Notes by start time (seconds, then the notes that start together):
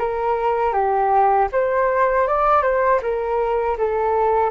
0.00 A#4
0.73 G4
1.53 C5
2.28 D5
2.63 C5
3.02 A#4
3.78 A4